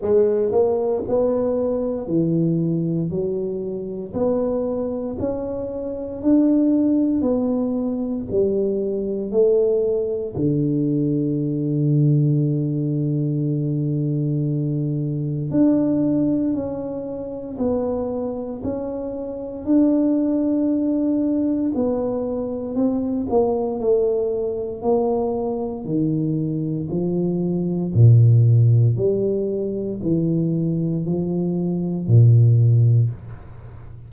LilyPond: \new Staff \with { instrumentName = "tuba" } { \time 4/4 \tempo 4 = 58 gis8 ais8 b4 e4 fis4 | b4 cis'4 d'4 b4 | g4 a4 d2~ | d2. d'4 |
cis'4 b4 cis'4 d'4~ | d'4 b4 c'8 ais8 a4 | ais4 dis4 f4 ais,4 | g4 e4 f4 ais,4 | }